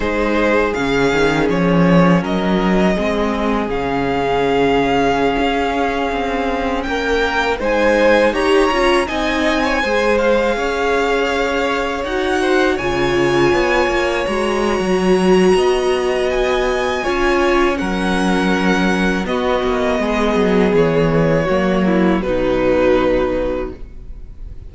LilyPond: <<
  \new Staff \with { instrumentName = "violin" } { \time 4/4 \tempo 4 = 81 c''4 f''4 cis''4 dis''4~ | dis''4 f''2.~ | f''4~ f''16 g''4 gis''4 ais''8.~ | ais''16 gis''4. f''2~ f''16~ |
f''16 fis''4 gis''2 ais''8.~ | ais''2 gis''2 | fis''2 dis''2 | cis''2 b'2 | }
  \new Staff \with { instrumentName = "violin" } { \time 4/4 gis'2. ais'4 | gis'1~ | gis'4~ gis'16 ais'4 c''4 cis''8.~ | cis''16 dis''8. cis''16 c''4 cis''4.~ cis''16~ |
cis''8. c''8 cis''2~ cis''8.~ | cis''4 dis''2 cis''4 | ais'2 fis'4 gis'4~ | gis'4 fis'8 e'8 dis'2 | }
  \new Staff \with { instrumentName = "viola" } { \time 4/4 dis'4 cis'2. | c'4 cis'2.~ | cis'2~ cis'16 dis'4 g'8 f'16~ | f'16 dis'4 gis'2~ gis'8.~ |
gis'16 fis'4 f'2 fis'8.~ | fis'2. f'4 | cis'2 b2~ | b4 ais4 fis2 | }
  \new Staff \with { instrumentName = "cello" } { \time 4/4 gis4 cis8 dis8 f4 fis4 | gis4 cis2~ cis16 cis'8.~ | cis'16 c'4 ais4 gis4 dis'8 cis'16~ | cis'16 c'4 gis4 cis'4.~ cis'16~ |
cis'16 dis'4 cis4 b8 ais8 gis8. | fis4 b2 cis'4 | fis2 b8 ais8 gis8 fis8 | e4 fis4 b,2 | }
>>